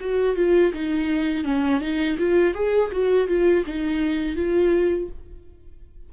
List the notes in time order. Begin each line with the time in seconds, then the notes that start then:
0.00 F#4
0.36 F4
0.73 D#4
1.44 C#4
1.80 D#4
2.18 F4
2.54 G#4
2.92 F#4
3.28 F4
3.66 D#4
4.35 F4